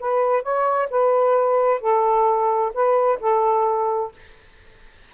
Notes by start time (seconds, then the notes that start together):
0.00 B4
0.43 C#5
0.90 B4
1.81 A4
2.74 B4
3.20 A4